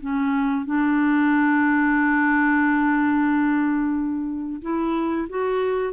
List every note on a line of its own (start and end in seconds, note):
0.00 0.66 C#4
0.66 4.61 D4
4.62 5.27 E4
5.29 5.93 F#4